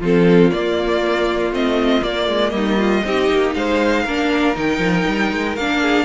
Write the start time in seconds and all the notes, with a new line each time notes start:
0.00 F3 C4 F4 A4
0.51 A#3 D5
1.51 A3 C4 D#5
2.01 A#3 D5
2.28 G#3
2.50 G3 D#4 D#5
2.78 F4
3.04 C4 D#4 G4
3.30 A#3
3.54 G#3 C5 F5
4.04 A#3 D4 A#4
4.55 D#3 D#4 G5
4.79 F3
5.07 G3
5.32 G#3
5.56 A#3 D4 F5
5.81 G#4